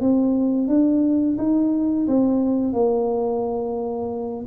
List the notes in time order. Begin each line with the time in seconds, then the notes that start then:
0.00 C4
0.68 D4
1.38 D#4
2.07 C4
2.73 A#3